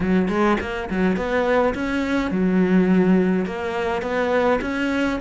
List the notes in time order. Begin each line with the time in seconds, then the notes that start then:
0.00 F#3
0.28 G#3
0.60 A#3
0.89 F#3
1.16 B3
1.74 C#4
2.30 F#3
3.45 A#3
4.01 B3
4.61 C#4